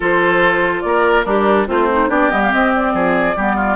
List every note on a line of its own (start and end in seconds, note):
0.00 0.84 F3
0.00 1.25 F4
0.00 0.82 A4
0.00 0.81 C5
0.81 1.25 A#3
0.81 1.25 A#4
0.81 1.23 D5
1.24 1.67 G3
1.24 1.67 D4
1.24 1.67 G4
1.24 1.66 A#4
1.67 2.08 A3
1.67 2.09 C4
1.67 1.88 F4
1.67 2.09 C5
1.91 2.08 D#4
2.08 2.29 B3
2.08 2.29 D4
2.08 2.93 G4
2.08 2.30 D5
2.30 2.53 G3
2.30 2.50 B3
2.30 2.41 D#5
2.42 2.53 F5
2.50 3.34 C4
2.50 2.93 C4
2.50 2.74 D#5
2.75 3.76 D5
2.93 3.35 F3
2.93 3.36 G#4
3.36 3.76 G3
3.36 3.76 B3
3.36 3.56 G4
3.56 3.76 F4